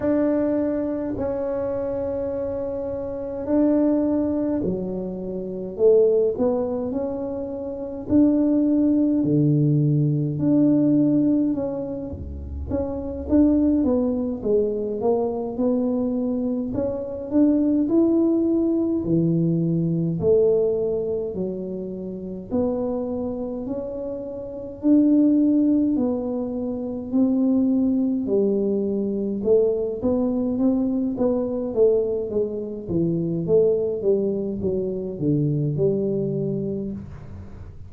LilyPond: \new Staff \with { instrumentName = "tuba" } { \time 4/4 \tempo 4 = 52 d'4 cis'2 d'4 | fis4 a8 b8 cis'4 d'4 | d4 d'4 cis'8 cis,8 cis'8 d'8 | b8 gis8 ais8 b4 cis'8 d'8 e'8~ |
e'8 e4 a4 fis4 b8~ | b8 cis'4 d'4 b4 c'8~ | c'8 g4 a8 b8 c'8 b8 a8 | gis8 e8 a8 g8 fis8 d8 g4 | }